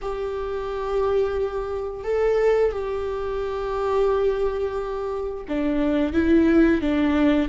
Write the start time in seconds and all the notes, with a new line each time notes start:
0.01 G4
2.04 A4
2.71 G4
5.48 D4
6.13 E4
6.81 D4